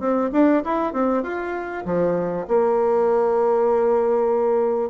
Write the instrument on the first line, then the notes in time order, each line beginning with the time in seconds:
bassoon
0.00 C4
0.33 D4
0.65 E4
0.94 C4
1.23 F4
1.86 F3
2.48 A#3